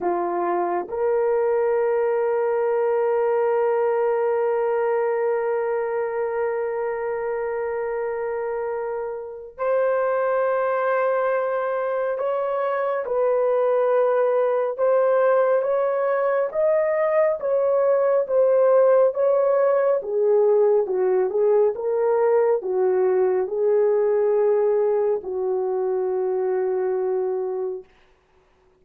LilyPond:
\new Staff \with { instrumentName = "horn" } { \time 4/4 \tempo 4 = 69 f'4 ais'2.~ | ais'1~ | ais'2. c''4~ | c''2 cis''4 b'4~ |
b'4 c''4 cis''4 dis''4 | cis''4 c''4 cis''4 gis'4 | fis'8 gis'8 ais'4 fis'4 gis'4~ | gis'4 fis'2. | }